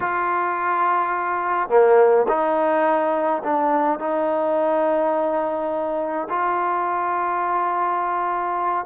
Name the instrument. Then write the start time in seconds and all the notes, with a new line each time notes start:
trombone
0.00 F4
1.69 A#3
2.28 D#4
3.43 D4
3.99 D#4
6.29 F4